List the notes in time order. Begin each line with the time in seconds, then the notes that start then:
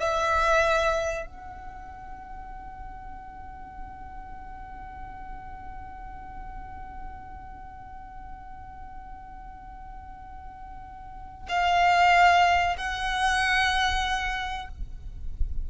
0.00 E5
1.26 F#5
11.49 F5
12.77 F#5